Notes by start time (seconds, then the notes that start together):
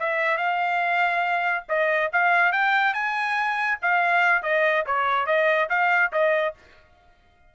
0.00 E5
0.38 F5
1.69 D#5
2.13 F5
2.53 G5
2.94 G#5
3.82 F5
4.43 D#5
4.87 C#5
5.27 D#5
5.70 F5
6.13 D#5